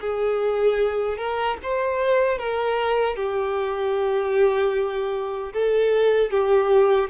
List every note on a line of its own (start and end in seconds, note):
0.00 1.17 G#4
1.17 1.57 A#4
1.62 2.38 C5
2.38 3.16 A#4
3.16 5.53 G4
5.53 6.31 A4
6.31 7.09 G4